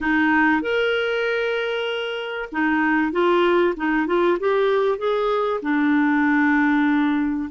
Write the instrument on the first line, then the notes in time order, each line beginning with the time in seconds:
clarinet
0.00 D#4
0.61 A#4
2.52 D#4
3.11 F4
3.76 D#4
4.06 F4
4.39 G4
4.97 G#4
5.62 D4